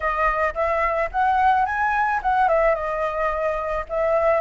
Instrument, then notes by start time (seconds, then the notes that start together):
flute
0.00 D#5
0.54 E5
1.11 F#5
1.65 G#5
2.22 F#5
2.48 E5
2.74 D#5
3.89 E5